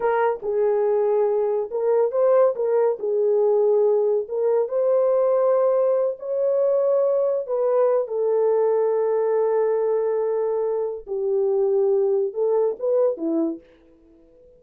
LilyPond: \new Staff \with { instrumentName = "horn" } { \time 4/4 \tempo 4 = 141 ais'4 gis'2. | ais'4 c''4 ais'4 gis'4~ | gis'2 ais'4 c''4~ | c''2~ c''8 cis''4.~ |
cis''4. b'4. a'4~ | a'1~ | a'2 g'2~ | g'4 a'4 b'4 e'4 | }